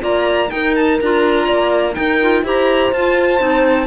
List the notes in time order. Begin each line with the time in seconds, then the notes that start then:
0.00 A#3 F4 D5 A#5
0.48 D#4 A#4 G5
0.75 A5
1.00 D4 F4 A#5
1.46 A#3 D5
1.93 D#4 A#4 G5
2.21 F4
2.43 E4 G4 C5 A#5
2.92 F4 A5
3.39 C4 D#4